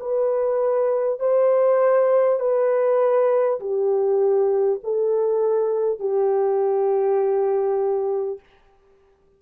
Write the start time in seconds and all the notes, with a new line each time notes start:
0.00 B4
1.20 C5
2.40 B4
3.61 G4
4.84 A4
5.99 G4